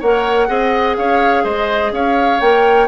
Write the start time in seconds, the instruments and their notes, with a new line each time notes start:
0.00 bassoon A#3, clarinet A#4, oboe C#5, flute F#5
0.48 bassoon C4, clarinet G#4, oboe D#5
0.97 bassoon C#4, oboe C#5, flute F5
1.44 bassoon G#3, oboe C5, flute D#5
1.92 bassoon C#4, oboe C#5, flute F5
2.40 bassoon A#3, clarinet A#4, flute G5